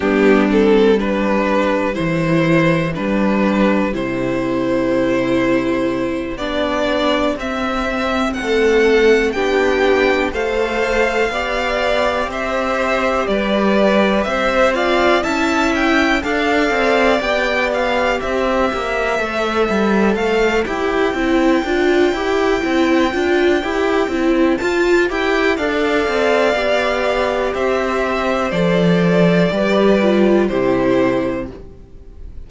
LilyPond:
<<
  \new Staff \with { instrumentName = "violin" } { \time 4/4 \tempo 4 = 61 g'8 a'8 b'4 c''4 b'4 | c''2~ c''8 d''4 e''8~ | e''8 fis''4 g''4 f''4.~ | f''8 e''4 d''4 e''8 f''8 a''8 |
g''8 f''4 g''8 f''8 e''4.~ | e''8 f''8 g''2.~ | g''4 a''8 g''8 f''2 | e''4 d''2 c''4 | }
  \new Staff \with { instrumentName = "violin" } { \time 4/4 d'4 g'2.~ | g'1~ | g'8 a'4 g'4 c''4 d''8~ | d''8 c''4 b'4 c''8 d''8 e''8~ |
e''8 d''2 c''4.~ | c''1~ | c''2 d''2 | c''2 b'4 g'4 | }
  \new Staff \with { instrumentName = "viola" } { \time 4/4 b8 c'8 d'4 e'4 d'4 | e'2~ e'8 d'4 c'8~ | c'4. d'4 a'4 g'8~ | g'2. f'8 e'8~ |
e'8 a'4 g'2 a'8~ | a'4 g'8 e'8 f'8 g'8 e'8 f'8 | g'8 e'8 f'8 g'8 a'4 g'4~ | g'4 a'4 g'8 f'8 e'4 | }
  \new Staff \with { instrumentName = "cello" } { \time 4/4 g2 e4 g4 | c2~ c8 b4 c'8~ | c'8 a4 b4 a4 b8~ | b8 c'4 g4 c'4 cis'8~ |
cis'8 d'8 c'8 b4 c'8 ais8 a8 | g8 a8 e'8 c'8 d'8 e'8 c'8 d'8 | e'8 c'8 f'8 e'8 d'8 c'8 b4 | c'4 f4 g4 c4 | }
>>